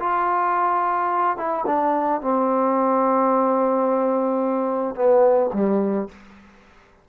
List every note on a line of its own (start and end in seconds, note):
0.00 1.38 F4
1.38 1.65 E4
1.67 2.22 D4
2.22 4.96 C4
4.96 5.51 B3
5.54 6.09 G3